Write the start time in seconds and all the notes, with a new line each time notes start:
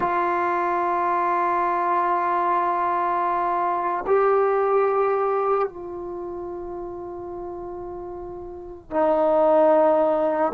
0.00 F4
4.07 G4
5.68 F4
8.90 D#4